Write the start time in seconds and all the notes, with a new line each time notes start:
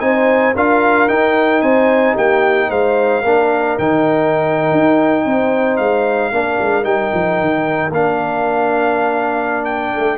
0.00 C4 D#4 C5 G#5
0.55 D4 F4 A#4 F5
1.08 D#4 G5
1.62 C4 C5 G#5
2.14 A#3 G4 G5
2.69 G#3 C5 F5
3.23 A#3 D4 A#4
3.78 D#3 D#4 G5
4.72 D#4
5.25 C4 C5
5.77 G#3 F5
6.32 A#3 D4 A#4
6.61 G#3
6.83 G3 D#4 G5
7.14 F3
7.40 D#3
7.90 A#3 D4 F5
9.65 G5
9.94 A3 A4